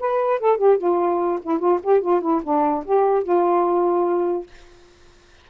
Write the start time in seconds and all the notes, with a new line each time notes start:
0.00 B4
0.40 A4
0.58 G4
0.78 F4
1.42 E4
1.59 F4
1.83 G4
2.01 F4
2.21 E4
2.43 D4
2.85 G4
3.23 F4